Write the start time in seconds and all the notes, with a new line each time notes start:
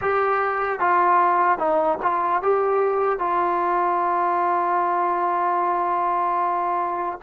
0.01 G4
0.79 F4
1.58 D#4
2.02 F4
2.42 G4
3.19 F4